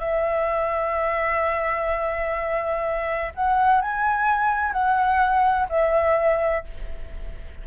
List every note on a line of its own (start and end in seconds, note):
0.00 3.33 E5
3.35 3.82 F#5
3.82 4.73 G#5
4.73 5.68 F#5
5.70 6.65 E5